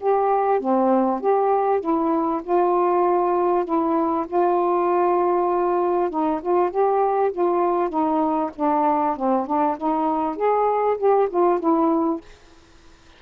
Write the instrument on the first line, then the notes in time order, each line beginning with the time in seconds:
saxophone
0.00 G4
0.60 C4
1.21 G4
1.80 E4
2.43 F4
3.65 E4
4.27 F4
6.10 D#4
6.42 F4
6.70 G4
7.32 F4
7.89 D#4
8.55 D4
9.16 C4
9.46 D4
9.77 D#4
10.36 G#4
10.97 G4
11.30 F4
11.60 E4